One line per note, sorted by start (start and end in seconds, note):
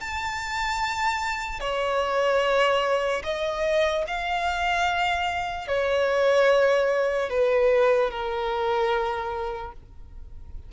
0.00 1.60 A5
1.60 3.22 C#5
3.23 4.04 D#5
4.07 5.67 F5
5.67 7.29 C#5
7.29 8.10 B4
8.10 9.72 A#4